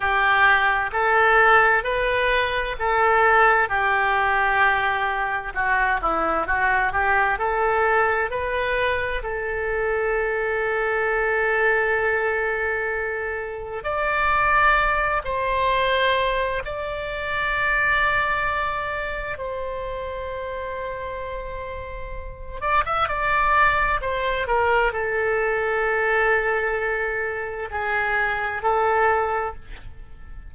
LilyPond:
\new Staff \with { instrumentName = "oboe" } { \time 4/4 \tempo 4 = 65 g'4 a'4 b'4 a'4 | g'2 fis'8 e'8 fis'8 g'8 | a'4 b'4 a'2~ | a'2. d''4~ |
d''8 c''4. d''2~ | d''4 c''2.~ | c''8 d''16 e''16 d''4 c''8 ais'8 a'4~ | a'2 gis'4 a'4 | }